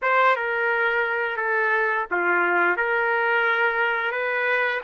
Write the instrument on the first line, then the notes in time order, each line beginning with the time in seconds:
trumpet
0.02 C5
0.36 A#4
1.36 A4
2.11 F4
2.76 A#4
4.11 B4